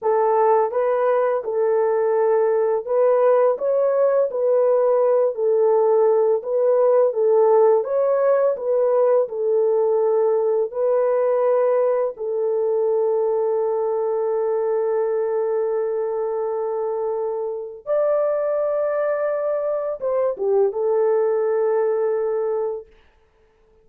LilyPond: \new Staff \with { instrumentName = "horn" } { \time 4/4 \tempo 4 = 84 a'4 b'4 a'2 | b'4 cis''4 b'4. a'8~ | a'4 b'4 a'4 cis''4 | b'4 a'2 b'4~ |
b'4 a'2.~ | a'1~ | a'4 d''2. | c''8 g'8 a'2. | }